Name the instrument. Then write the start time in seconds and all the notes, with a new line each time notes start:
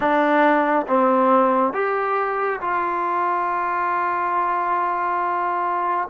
trombone
0.00 D4
0.87 C4
1.73 G4
2.60 F4